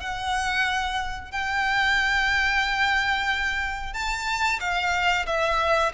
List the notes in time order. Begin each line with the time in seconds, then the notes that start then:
0.00 F#5
1.31 G5
3.94 A5
4.60 F5
5.26 E5